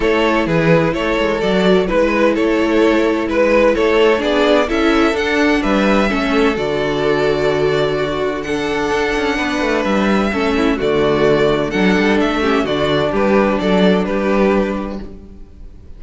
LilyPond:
<<
  \new Staff \with { instrumentName = "violin" } { \time 4/4 \tempo 4 = 128 cis''4 b'4 cis''4 d''4 | b'4 cis''2 b'4 | cis''4 d''4 e''4 fis''4 | e''2 d''2~ |
d''2 fis''2~ | fis''4 e''2 d''4~ | d''4 fis''4 e''4 d''4 | b'4 d''4 b'2 | }
  \new Staff \with { instrumentName = "violin" } { \time 4/4 a'4 gis'4 a'2 | b'4 a'2 b'4 | a'4 gis'4 a'2 | b'4 a'2.~ |
a'4 fis'4 a'2 | b'2 a'8 e'8 fis'4~ | fis'4 a'4. g'8 fis'4 | g'4 a'4 g'2 | }
  \new Staff \with { instrumentName = "viola" } { \time 4/4 e'2. fis'4 | e'1~ | e'4 d'4 e'4 d'4~ | d'4 cis'4 fis'2~ |
fis'2 d'2~ | d'2 cis'4 a4~ | a4 d'4. cis'8 d'4~ | d'1 | }
  \new Staff \with { instrumentName = "cello" } { \time 4/4 a4 e4 a8 gis8 fis4 | gis4 a2 gis4 | a4 b4 cis'4 d'4 | g4 a4 d2~ |
d2. d'8 cis'8 | b8 a8 g4 a4 d4~ | d4 fis8 g8 a4 d4 | g4 fis4 g2 | }
>>